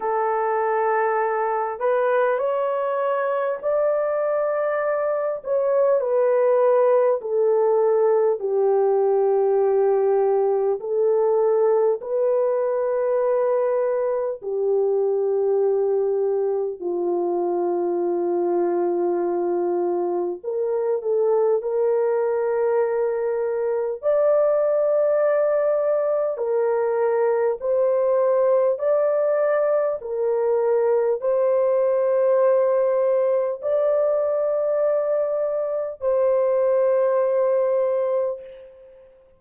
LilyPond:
\new Staff \with { instrumentName = "horn" } { \time 4/4 \tempo 4 = 50 a'4. b'8 cis''4 d''4~ | d''8 cis''8 b'4 a'4 g'4~ | g'4 a'4 b'2 | g'2 f'2~ |
f'4 ais'8 a'8 ais'2 | d''2 ais'4 c''4 | d''4 ais'4 c''2 | d''2 c''2 | }